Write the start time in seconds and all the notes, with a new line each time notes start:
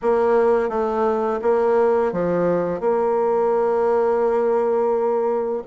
0.02 A#3
0.69 A3
1.41 A#3
2.12 F3
2.80 A#3